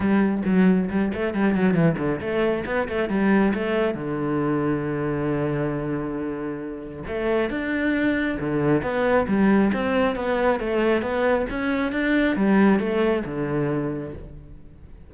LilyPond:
\new Staff \with { instrumentName = "cello" } { \time 4/4 \tempo 4 = 136 g4 fis4 g8 a8 g8 fis8 | e8 d8 a4 b8 a8 g4 | a4 d2.~ | d1 |
a4 d'2 d4 | b4 g4 c'4 b4 | a4 b4 cis'4 d'4 | g4 a4 d2 | }